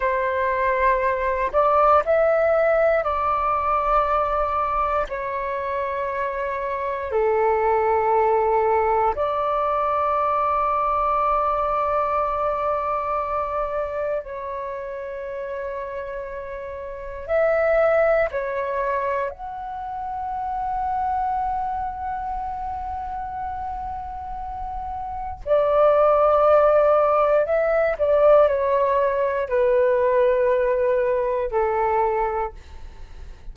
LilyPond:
\new Staff \with { instrumentName = "flute" } { \time 4/4 \tempo 4 = 59 c''4. d''8 e''4 d''4~ | d''4 cis''2 a'4~ | a'4 d''2.~ | d''2 cis''2~ |
cis''4 e''4 cis''4 fis''4~ | fis''1~ | fis''4 d''2 e''8 d''8 | cis''4 b'2 a'4 | }